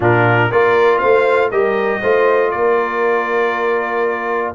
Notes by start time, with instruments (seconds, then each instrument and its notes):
0.00 tuba A#2, trombone D4, horn F4, trumpet A#4
0.51 tuba A#3, trombone F4, horn A#4, trumpet D5
0.98 tuba A3, horn C5, trumpet F5
1.50 tuba G3, trombone G4, horn A#4, trumpet D#5
2.00 tuba A3, trombone F4, horn C5
2.50 tuba A#3, horn A#4, trumpet D5